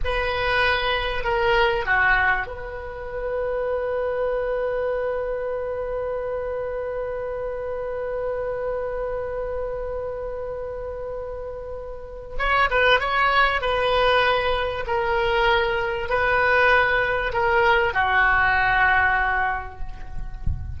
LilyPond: \new Staff \with { instrumentName = "oboe" } { \time 4/4 \tempo 4 = 97 b'2 ais'4 fis'4 | b'1~ | b'1~ | b'1~ |
b'1 | cis''8 b'8 cis''4 b'2 | ais'2 b'2 | ais'4 fis'2. | }